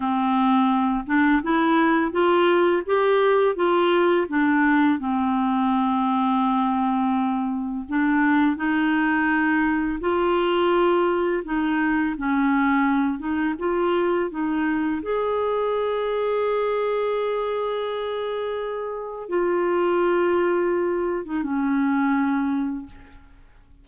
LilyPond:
\new Staff \with { instrumentName = "clarinet" } { \time 4/4 \tempo 4 = 84 c'4. d'8 e'4 f'4 | g'4 f'4 d'4 c'4~ | c'2. d'4 | dis'2 f'2 |
dis'4 cis'4. dis'8 f'4 | dis'4 gis'2.~ | gis'2. f'4~ | f'4.~ f'16 dis'16 cis'2 | }